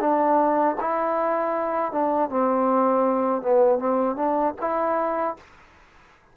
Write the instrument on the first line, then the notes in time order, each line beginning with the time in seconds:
trombone
0.00 D4
0.80 E4
1.92 D4
2.29 C4
3.42 B3
3.79 C4
4.16 D4
4.61 E4